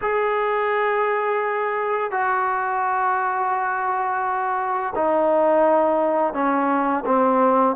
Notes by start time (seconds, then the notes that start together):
0.01 G#4
2.11 F#4
4.95 D#4
6.33 C#4
7.05 C4